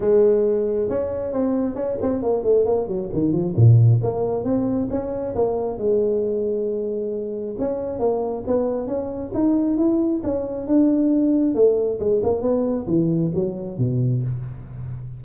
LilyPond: \new Staff \with { instrumentName = "tuba" } { \time 4/4 \tempo 4 = 135 gis2 cis'4 c'4 | cis'8 c'8 ais8 a8 ais8 fis8 dis8 f8 | ais,4 ais4 c'4 cis'4 | ais4 gis2.~ |
gis4 cis'4 ais4 b4 | cis'4 dis'4 e'4 cis'4 | d'2 a4 gis8 ais8 | b4 e4 fis4 b,4 | }